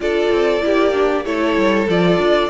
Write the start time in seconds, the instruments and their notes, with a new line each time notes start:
0.00 cello D4, viola F4, violin A4 D5
0.30 cello C4
0.60 cello A#3, viola E4, violin G4
0.93 viola D4
1.24 cello A3, viola E4, violin A4 C#5
1.56 cello G3
1.88 cello F3, viola F4, violin D5
2.17 cello D4